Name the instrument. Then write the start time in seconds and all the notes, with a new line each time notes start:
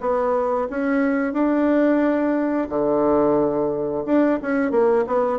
bassoon
0.00 B3
0.70 C#4
1.33 D4
2.69 D3
4.05 D4
4.42 C#4
4.71 A#3
5.07 B3